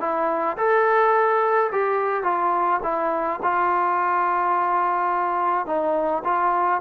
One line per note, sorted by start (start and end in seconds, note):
0.00 0.57 E4
0.57 1.70 A4
1.72 2.23 G4
2.23 2.80 F4
2.83 3.39 E4
3.42 5.66 F4
5.66 6.22 D#4
6.24 6.81 F4